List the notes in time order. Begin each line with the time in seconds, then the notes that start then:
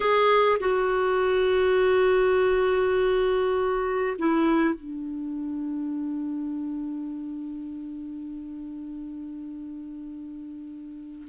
0.00 G#4
0.60 F#4
4.18 E4
4.74 D4